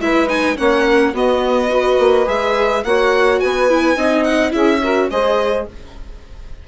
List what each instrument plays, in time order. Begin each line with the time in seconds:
0.00 bassoon G#3, viola E4, saxophone B4, violin E5
0.28 viola D#4, violin G#5
0.56 bassoon A#3, viola C#4, saxophone C#5, violin F#5
0.87 saxophone A#4
1.12 bassoon B3, viola B3, saxophone F#4, violin D#5
1.70 viola F#4, saxophone B4
1.99 bassoon A#3
2.26 bassoon G#3, viola G#4, violin E5
2.84 bassoon A#3, viola F#4, saxophone C#5, violin F#5
3.40 bassoon B3, saxophone B4, violin G#5
3.70 viola E4
3.97 bassoon C4, viola D#4, saxophone D#5
4.24 violin F#5
4.51 bassoon C#4, viola E4, saxophone G#4, violin E5
4.82 viola F#4, saxophone A#4
5.11 bassoon G#3, viola G#4, saxophone C5, violin D#5